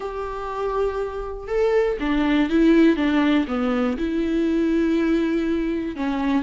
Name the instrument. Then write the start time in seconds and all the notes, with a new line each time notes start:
viola
0.00 G4
1.47 A4
1.99 D4
2.49 E4
2.96 D4
3.47 B3
3.97 E4
5.95 C#4